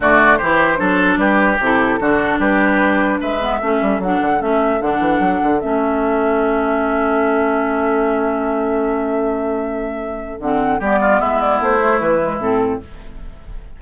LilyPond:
<<
  \new Staff \with { instrumentName = "flute" } { \time 4/4 \tempo 4 = 150 d''4 c''2 b'4 | a'2 b'2 | e''2 fis''4 e''4 | fis''2 e''2~ |
e''1~ | e''1~ | e''2 fis''4 d''4 | e''8 d''8 c''4 b'4 a'4 | }
  \new Staff \with { instrumentName = "oboe" } { \time 4/4 fis'4 g'4 a'4 g'4~ | g'4 fis'4 g'2 | b'4 a'2.~ | a'1~ |
a'1~ | a'1~ | a'2. g'8 f'8 | e'1 | }
  \new Staff \with { instrumentName = "clarinet" } { \time 4/4 a4 e'4 d'2 | e'4 d'2.~ | d'8 b8 cis'4 d'4 cis'4 | d'2 cis'2~ |
cis'1~ | cis'1~ | cis'2 c'4 b4~ | b4. a4 gis8 c'4 | }
  \new Staff \with { instrumentName = "bassoon" } { \time 4/4 d4 e4 fis4 g4 | c4 d4 g2 | gis4 a8 g8 fis8 d8 a4 | d8 e8 fis8 d8 a2~ |
a1~ | a1~ | a2 d4 g4 | gis4 a4 e4 a,4 | }
>>